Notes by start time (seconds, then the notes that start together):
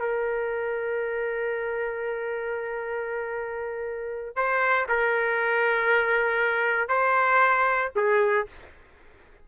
0.00 A#4
4.36 C5
4.89 A#4
6.89 C5
7.96 G#4